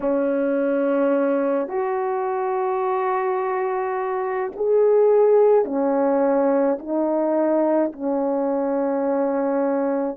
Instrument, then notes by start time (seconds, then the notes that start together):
horn
0.00 C#4
1.68 F#4
4.55 G#4
5.64 C#4
6.79 D#4
7.92 C#4